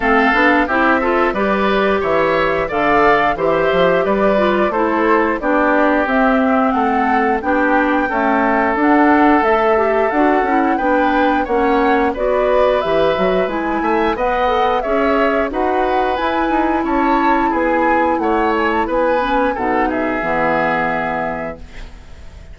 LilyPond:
<<
  \new Staff \with { instrumentName = "flute" } { \time 4/4 \tempo 4 = 89 f''4 e''4 d''4 e''4 | f''4 e''4 d''4 c''4 | d''4 e''4 fis''4 g''4~ | g''4 fis''4 e''4 fis''4 |
g''4 fis''4 d''4 e''4 | gis''4 fis''4 e''4 fis''4 | gis''4 a''4 gis''4 fis''8 gis''16 a''16 | gis''4 fis''8 e''2~ e''8 | }
  \new Staff \with { instrumentName = "oboe" } { \time 4/4 a'4 g'8 a'8 b'4 cis''4 | d''4 c''4 b'4 a'4 | g'2 a'4 g'4 | a'1 |
b'4 cis''4 b'2~ | b'8 e''8 dis''4 cis''4 b'4~ | b'4 cis''4 gis'4 cis''4 | b'4 a'8 gis'2~ gis'8 | }
  \new Staff \with { instrumentName = "clarinet" } { \time 4/4 c'8 d'8 e'8 f'8 g'2 | a'4 g'4. f'8 e'4 | d'4 c'2 d'4 | a4 d'4 a'8 g'8 fis'8 e'8 |
d'4 cis'4 fis'4 g'8 fis'8 | e'4 b'8 a'8 gis'4 fis'4 | e'1~ | e'8 cis'8 dis'4 b2 | }
  \new Staff \with { instrumentName = "bassoon" } { \time 4/4 a8 b8 c'4 g4 e4 | d4 e8 f8 g4 a4 | b4 c'4 a4 b4 | cis'4 d'4 a4 d'8 cis'8 |
b4 ais4 b4 e8 fis8 | gis8 a8 b4 cis'4 dis'4 | e'8 dis'8 cis'4 b4 a4 | b4 b,4 e2 | }
>>